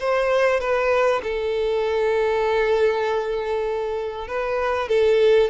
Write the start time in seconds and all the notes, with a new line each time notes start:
0.00 C5
0.60 B4
1.23 A4
4.28 B4
4.89 A4